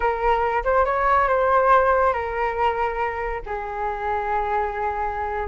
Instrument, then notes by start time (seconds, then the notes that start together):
flute
0.00 A#4
0.64 C5
0.85 C#5
1.28 C5
2.13 A#4
3.45 G#4